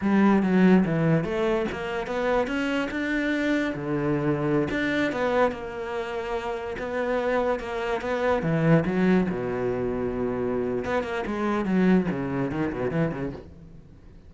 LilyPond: \new Staff \with { instrumentName = "cello" } { \time 4/4 \tempo 4 = 144 g4 fis4 e4 a4 | ais4 b4 cis'4 d'4~ | d'4 d2~ d16 d'8.~ | d'16 b4 ais2~ ais8.~ |
ais16 b2 ais4 b8.~ | b16 e4 fis4 b,4.~ b,16~ | b,2 b8 ais8 gis4 | fis4 cis4 dis8 b,8 e8 cis8 | }